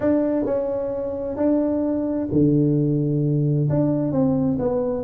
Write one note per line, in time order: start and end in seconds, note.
0.00 0.45 D4
0.45 1.36 C#4
1.36 2.28 D4
2.32 3.69 D3
3.69 4.11 D4
4.11 4.57 C4
4.58 5.03 B3